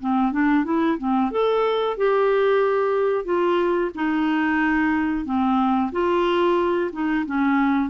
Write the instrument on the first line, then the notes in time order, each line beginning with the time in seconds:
clarinet
0.00 C4
0.32 D4
0.64 E4
0.98 C4
1.31 A4
1.97 G4
3.25 F4
3.94 D#4
5.25 C4
5.92 F4
6.92 D#4
7.26 C#4